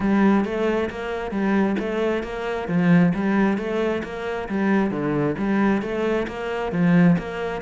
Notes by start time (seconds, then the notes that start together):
0.00 G3
0.45 A3
0.90 A#3
1.31 G3
1.79 A3
2.23 A#3
2.67 F3
3.14 G3
3.57 A3
4.03 A#3
4.49 G3
4.91 D3
5.37 G3
5.81 A3
6.27 A#3
6.72 F3
7.18 A#3